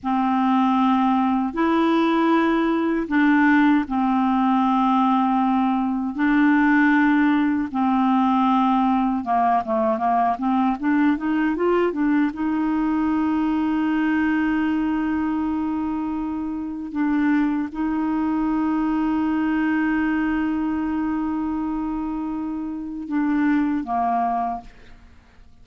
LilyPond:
\new Staff \with { instrumentName = "clarinet" } { \time 4/4 \tempo 4 = 78 c'2 e'2 | d'4 c'2. | d'2 c'2 | ais8 a8 ais8 c'8 d'8 dis'8 f'8 d'8 |
dis'1~ | dis'2 d'4 dis'4~ | dis'1~ | dis'2 d'4 ais4 | }